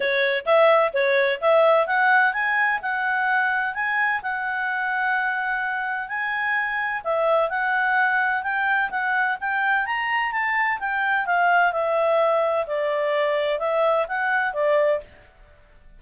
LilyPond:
\new Staff \with { instrumentName = "clarinet" } { \time 4/4 \tempo 4 = 128 cis''4 e''4 cis''4 e''4 | fis''4 gis''4 fis''2 | gis''4 fis''2.~ | fis''4 gis''2 e''4 |
fis''2 g''4 fis''4 | g''4 ais''4 a''4 g''4 | f''4 e''2 d''4~ | d''4 e''4 fis''4 d''4 | }